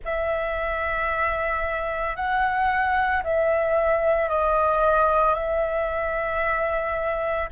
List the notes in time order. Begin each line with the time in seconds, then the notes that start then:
0.04 E5
2.15 F#5
3.23 E5
4.29 D#5
5.34 E5